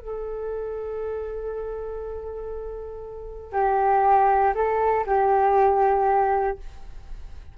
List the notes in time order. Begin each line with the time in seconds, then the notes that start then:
0.00 A4
3.52 G4
4.55 A4
5.06 G4